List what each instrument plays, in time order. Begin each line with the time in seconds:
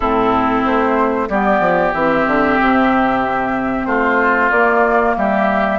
0.00 bassoon A2, clarinet C4, oboe E4, flute A4
0.64 bassoon A3, flute C5
1.29 bassoon G3, clarinet B3, oboe G4, flute D5
1.60 bassoon F3
1.93 bassoon E3, clarinet C4, flute E5
2.26 bassoon D3
2.60 bassoon C3
3.85 bassoon A3, oboe F4, flute C5
4.50 bassoon A#3, clarinet A#3, flute D5
5.16 bassoon G3, oboe G4, flute E5